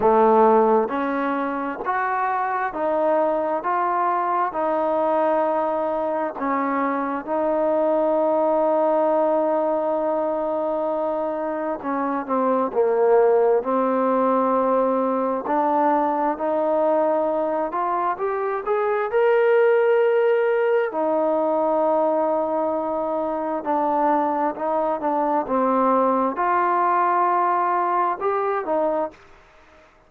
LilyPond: \new Staff \with { instrumentName = "trombone" } { \time 4/4 \tempo 4 = 66 a4 cis'4 fis'4 dis'4 | f'4 dis'2 cis'4 | dis'1~ | dis'4 cis'8 c'8 ais4 c'4~ |
c'4 d'4 dis'4. f'8 | g'8 gis'8 ais'2 dis'4~ | dis'2 d'4 dis'8 d'8 | c'4 f'2 g'8 dis'8 | }